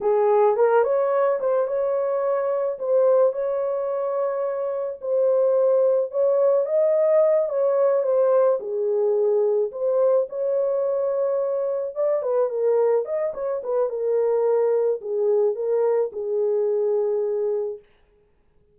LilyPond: \new Staff \with { instrumentName = "horn" } { \time 4/4 \tempo 4 = 108 gis'4 ais'8 cis''4 c''8 cis''4~ | cis''4 c''4 cis''2~ | cis''4 c''2 cis''4 | dis''4. cis''4 c''4 gis'8~ |
gis'4. c''4 cis''4.~ | cis''4. d''8 b'8 ais'4 dis''8 | cis''8 b'8 ais'2 gis'4 | ais'4 gis'2. | }